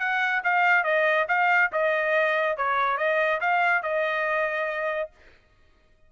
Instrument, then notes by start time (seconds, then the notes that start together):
trumpet
0.00 F#5
0.44 F5
0.84 D#5
1.29 F5
1.73 D#5
2.57 C#5
2.98 D#5
3.41 F5
3.83 D#5